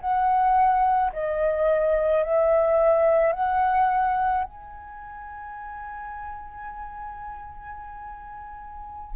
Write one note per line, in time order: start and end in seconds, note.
0.00 1.11 F#5
1.12 2.23 D#5
2.23 3.32 E5
3.32 4.43 F#5
4.43 9.16 G#5